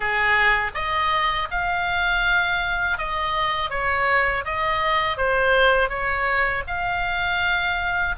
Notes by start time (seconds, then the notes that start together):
0.00 G#4
0.74 D#5
1.50 F5
2.98 D#5
3.70 C#5
4.44 D#5
5.17 C5
5.89 C#5
6.67 F5